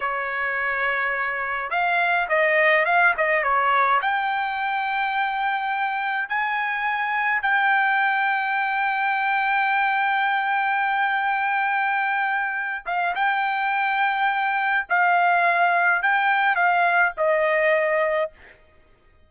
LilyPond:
\new Staff \with { instrumentName = "trumpet" } { \time 4/4 \tempo 4 = 105 cis''2. f''4 | dis''4 f''8 dis''8 cis''4 g''4~ | g''2. gis''4~ | gis''4 g''2.~ |
g''1~ | g''2~ g''8 f''8 g''4~ | g''2 f''2 | g''4 f''4 dis''2 | }